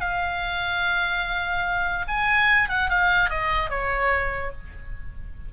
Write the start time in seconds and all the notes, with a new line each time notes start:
0.00 F5
2.08 G#5
2.69 F#5
2.90 F5
3.29 D#5
3.69 C#5